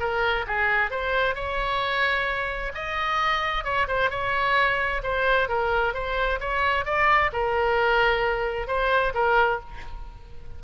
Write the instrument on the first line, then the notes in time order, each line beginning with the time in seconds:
oboe
0.00 A#4
0.47 G#4
0.91 C5
1.35 C#5
2.75 D#5
3.65 C#5
3.88 C5
4.11 C#5
5.03 C5
5.49 A#4
5.94 C5
6.41 C#5
6.86 D5
7.33 A#4
8.68 C5
9.14 A#4